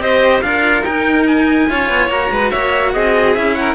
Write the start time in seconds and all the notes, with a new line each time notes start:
0.00 C4 G4 C5 D#5
0.42 D4 F4 A#4 F5
0.83 D#4 G5
1.27 G#5
1.69 C#4 F4 C#5
1.90 B3
2.08 A#3 F#4 A#5
2.31 G#3 B4
2.51 A#3 C#5 E5
2.93 C4 G#4 D#5
3.35 C#4 E4 E5
3.55 A#4 F#5